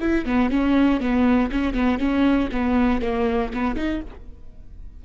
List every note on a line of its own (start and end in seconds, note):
0.00 0.25 E4
0.25 0.50 B3
0.50 1.00 C#4
1.00 1.50 B3
1.51 1.73 C#4
1.73 1.98 B3
1.98 2.49 C#4
2.52 3.01 B3
3.01 3.52 A#3
3.53 3.76 B3
3.76 4.01 D#4